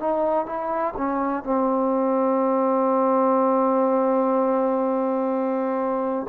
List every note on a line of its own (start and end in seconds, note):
0.00 0.46 D#4
0.46 0.95 E4
0.97 1.44 C#4
1.44 6.28 C4